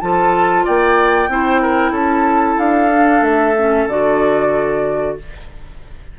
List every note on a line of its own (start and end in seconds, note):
0.00 0.66 F3
0.00 1.29 F4
0.00 0.64 A4
0.00 0.65 A5
0.64 1.28 A#3
0.64 1.29 D5
0.64 1.95 G5
1.28 1.91 C4
1.28 2.90 E4
1.28 1.61 C5
1.61 1.91 A#4
1.91 2.55 C#4
1.91 5.14 A4
1.91 2.58 A5
2.58 3.21 D4
2.58 3.23 F5
2.90 3.55 D4
3.21 3.85 A3
3.21 3.87 E5
3.57 3.89 C#4
3.87 5.16 D3
3.87 5.18 F#4
3.87 5.17 D5